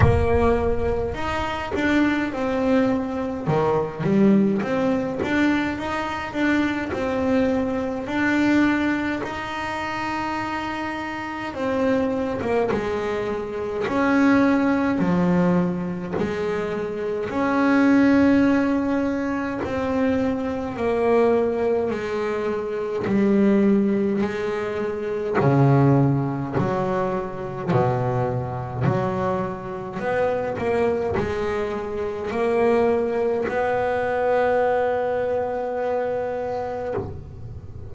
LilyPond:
\new Staff \with { instrumentName = "double bass" } { \time 4/4 \tempo 4 = 52 ais4 dis'8 d'8 c'4 dis8 g8 | c'8 d'8 dis'8 d'8 c'4 d'4 | dis'2 c'8. ais16 gis4 | cis'4 f4 gis4 cis'4~ |
cis'4 c'4 ais4 gis4 | g4 gis4 cis4 fis4 | b,4 fis4 b8 ais8 gis4 | ais4 b2. | }